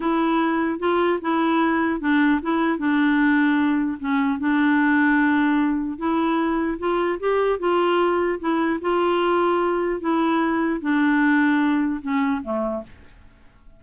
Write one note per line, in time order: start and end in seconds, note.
0.00 0.79 E4
0.79 1.19 F4
1.21 2.00 E4
2.00 2.40 D4
2.42 2.78 E4
2.78 3.98 D4
3.99 4.39 C#4
4.39 5.98 D4
5.98 6.78 E4
6.78 7.18 F4
7.19 7.59 G4
7.59 8.39 F4
8.39 8.79 E4
8.81 10.00 F4
10.00 10.80 E4
10.80 12.00 D4
12.01 12.41 C#4
12.43 12.83 A3